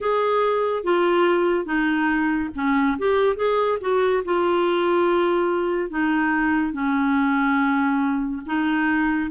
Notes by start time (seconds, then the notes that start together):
0.00 G#4
0.83 F4
1.65 D#4
2.55 C#4
2.98 G4
3.36 G#4
3.80 F#4
4.24 F4
5.90 D#4
6.73 C#4
8.45 D#4